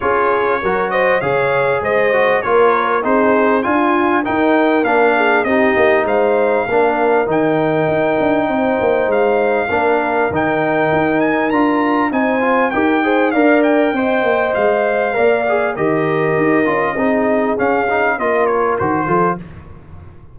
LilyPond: <<
  \new Staff \with { instrumentName = "trumpet" } { \time 4/4 \tempo 4 = 99 cis''4. dis''8 f''4 dis''4 | cis''4 c''4 gis''4 g''4 | f''4 dis''4 f''2 | g''2. f''4~ |
f''4 g''4. gis''8 ais''4 | gis''4 g''4 f''8 g''4. | f''2 dis''2~ | dis''4 f''4 dis''8 cis''8 c''4 | }
  \new Staff \with { instrumentName = "horn" } { \time 4/4 gis'4 ais'8 c''8 cis''4 c''4 | ais'4 gis'4 f'4 ais'4~ | ais'8 gis'8 g'4 c''4 ais'4~ | ais'2 c''2 |
ais'1 | c''4 ais'8 c''8 d''4 dis''4~ | dis''4 d''4 ais'2 | gis'2 ais'4. a'8 | }
  \new Staff \with { instrumentName = "trombone" } { \time 4/4 f'4 fis'4 gis'4. fis'8 | f'4 dis'4 f'4 dis'4 | d'4 dis'2 d'4 | dis'1 |
d'4 dis'2 f'4 | dis'8 f'8 g'8 gis'8 ais'4 c''4~ | c''4 ais'8 gis'8 g'4. f'8 | dis'4 cis'8 dis'8 f'4 fis'8 f'8 | }
  \new Staff \with { instrumentName = "tuba" } { \time 4/4 cis'4 fis4 cis4 gis4 | ais4 c'4 d'4 dis'4 | ais4 c'8 ais8 gis4 ais4 | dis4 dis'8 d'8 c'8 ais8 gis4 |
ais4 dis4 dis'4 d'4 | c'4 dis'4 d'4 c'8 ais8 | gis4 ais4 dis4 dis'8 cis'8 | c'4 cis'4 ais4 dis8 f8 | }
>>